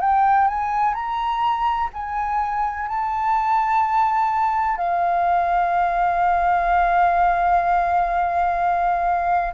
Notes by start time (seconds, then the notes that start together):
0.00 G5
0.47 G#5
0.94 A#5
1.93 G#5
2.88 A5
4.77 F5